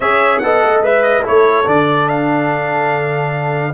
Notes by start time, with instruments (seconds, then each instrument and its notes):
0.00 tuba C#4, trombone G#4, horn C#5, trumpet E5
0.38 tuba B3, trombone A4, horn D#5, trumpet F#5
0.63 tuba A3
0.81 tuba G#3, trombone B4, trumpet E5, horn E5
1.02 trumpet D#5
1.22 trombone E4, horn A4, trumpet C#5
1.28 tuba A3
1.64 tuba D3, trombone D4, trumpet D5
2.08 trumpet F5